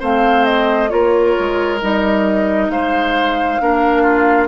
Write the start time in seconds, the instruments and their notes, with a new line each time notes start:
0.00 bassoon A3, clarinet C4, oboe C5, flute F5
0.45 flute D#5
0.89 bassoon A#3, clarinet F4, oboe A#4, flute C#5
1.39 bassoon G#3
1.81 bassoon G3, clarinet D#4, flute D#5
2.69 bassoon G#3, oboe C5, flute F5
3.60 bassoon A#3, clarinet D4, oboe A#4
4.03 oboe F4